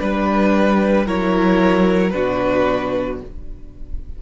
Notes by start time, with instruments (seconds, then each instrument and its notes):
0.00 cello G3, viola D4, violin B4
1.06 cello F#3, viola E4, violin A#4 C#5
2.10 cello B2, viola D4, violin F#4 B4